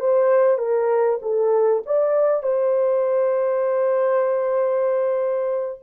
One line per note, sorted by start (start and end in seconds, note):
0.00 0.58 C5
0.58 1.19 A#4
1.22 1.83 A4
1.86 2.43 D5
2.43 5.79 C5